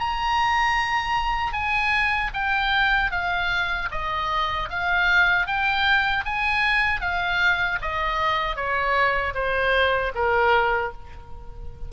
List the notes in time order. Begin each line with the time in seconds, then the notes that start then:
0.00 A#5
1.53 G#5
2.34 G5
3.11 F5
3.92 D#5
4.70 F5
5.47 G5
6.26 G#5
7.01 F5
7.82 D#5
8.56 C#5
9.35 C5
10.15 A#4